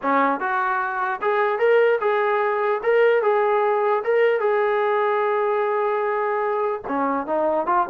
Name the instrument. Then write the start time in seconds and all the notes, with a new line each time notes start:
trombone
0.02 C#4
0.40 F#4
1.21 G#4
1.58 A#4
2.00 G#4
2.83 A#4
3.22 G#4
4.04 A#4
4.40 G#4
6.87 C#4
7.26 D#4
7.66 F4